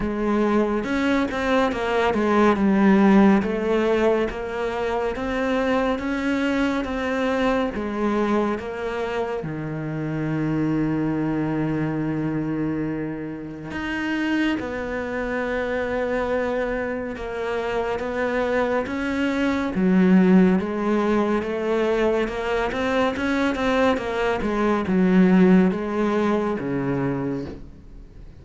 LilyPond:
\new Staff \with { instrumentName = "cello" } { \time 4/4 \tempo 4 = 70 gis4 cis'8 c'8 ais8 gis8 g4 | a4 ais4 c'4 cis'4 | c'4 gis4 ais4 dis4~ | dis1 |
dis'4 b2. | ais4 b4 cis'4 fis4 | gis4 a4 ais8 c'8 cis'8 c'8 | ais8 gis8 fis4 gis4 cis4 | }